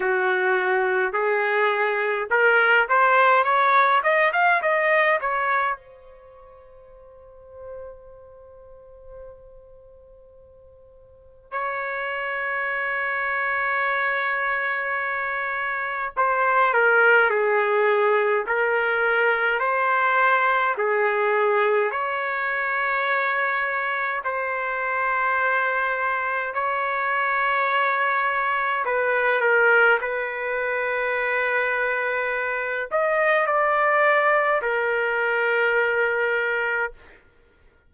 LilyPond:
\new Staff \with { instrumentName = "trumpet" } { \time 4/4 \tempo 4 = 52 fis'4 gis'4 ais'8 c''8 cis''8 dis''16 f''16 | dis''8 cis''8 c''2.~ | c''2 cis''2~ | cis''2 c''8 ais'8 gis'4 |
ais'4 c''4 gis'4 cis''4~ | cis''4 c''2 cis''4~ | cis''4 b'8 ais'8 b'2~ | b'8 dis''8 d''4 ais'2 | }